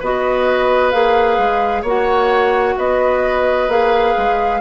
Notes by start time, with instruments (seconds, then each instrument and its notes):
0.00 bassoon B3, clarinet F#4, oboe B4, flute D#5
0.91 bassoon A#3, clarinet G#4, flute F5
1.38 bassoon G#3
1.82 bassoon A#3, clarinet F#4, oboe C#5, flute F#5
2.78 bassoon B3, oboe B4, flute D#5
3.68 bassoon A#3, clarinet G#4, flute F5
4.17 bassoon G#3